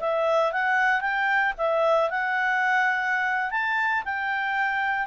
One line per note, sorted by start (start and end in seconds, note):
0.00 0.52 E5
0.52 1.01 F#5
1.01 1.53 G5
1.57 2.10 E5
2.10 3.51 F#5
3.51 4.03 A5
4.05 5.07 G5